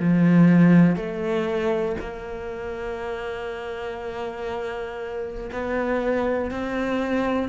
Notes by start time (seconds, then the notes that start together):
0.00 F3
0.96 A3
2.00 A#3
5.52 B3
6.50 C4